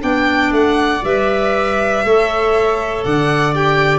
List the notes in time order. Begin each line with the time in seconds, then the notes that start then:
0.00 B3 D4 D5 G5
0.51 A3 F#5
1.04 G3 B4 E5
2.04 A3 A4 C#5
3.04 D3 D5 F#5
3.54 G4 G5